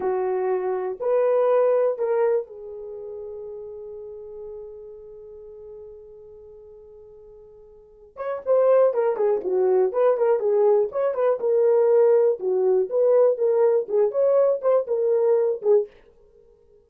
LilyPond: \new Staff \with { instrumentName = "horn" } { \time 4/4 \tempo 4 = 121 fis'2 b'2 | ais'4 gis'2.~ | gis'1~ | gis'1~ |
gis'8 cis''8 c''4 ais'8 gis'8 fis'4 | b'8 ais'8 gis'4 cis''8 b'8 ais'4~ | ais'4 fis'4 b'4 ais'4 | gis'8 cis''4 c''8 ais'4. gis'8 | }